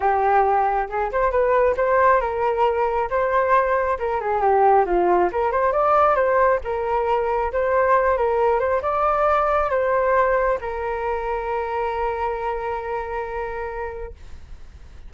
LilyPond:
\new Staff \with { instrumentName = "flute" } { \time 4/4 \tempo 4 = 136 g'2 gis'8 c''8 b'4 | c''4 ais'2 c''4~ | c''4 ais'8 gis'8 g'4 f'4 | ais'8 c''8 d''4 c''4 ais'4~ |
ais'4 c''4. ais'4 c''8 | d''2 c''2 | ais'1~ | ais'1 | }